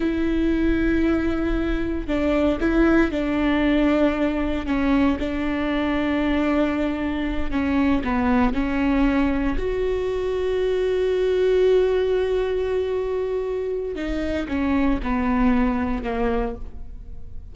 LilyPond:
\new Staff \with { instrumentName = "viola" } { \time 4/4 \tempo 4 = 116 e'1 | d'4 e'4 d'2~ | d'4 cis'4 d'2~ | d'2~ d'8 cis'4 b8~ |
b8 cis'2 fis'4.~ | fis'1~ | fis'2. dis'4 | cis'4 b2 ais4 | }